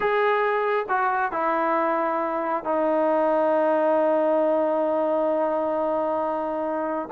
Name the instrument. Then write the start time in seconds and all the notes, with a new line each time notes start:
trombone
0.00 G#4
0.88 F#4
1.32 E4
2.64 D#4